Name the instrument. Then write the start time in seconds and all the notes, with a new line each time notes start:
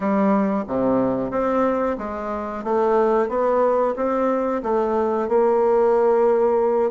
bassoon
0.00 G3
0.67 C3
1.30 C4
1.98 G#3
2.64 A3
3.28 B3
3.96 C4
4.62 A3
5.28 A#3